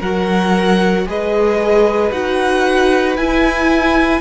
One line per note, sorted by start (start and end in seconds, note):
0.00 1.06 F#3
0.00 1.06 F#4
0.00 1.05 A#4
0.00 1.07 F#5
1.06 2.12 G#3
1.06 2.11 G#4
1.06 4.21 B4
1.06 2.12 D#5
2.11 3.17 D#4
2.11 3.17 F#4
2.11 3.17 F#5
3.17 4.21 E4
3.17 4.21 G#5